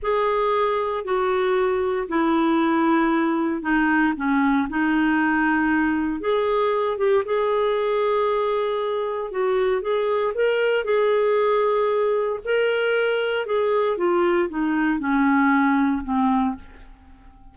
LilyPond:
\new Staff \with { instrumentName = "clarinet" } { \time 4/4 \tempo 4 = 116 gis'2 fis'2 | e'2. dis'4 | cis'4 dis'2. | gis'4. g'8 gis'2~ |
gis'2 fis'4 gis'4 | ais'4 gis'2. | ais'2 gis'4 f'4 | dis'4 cis'2 c'4 | }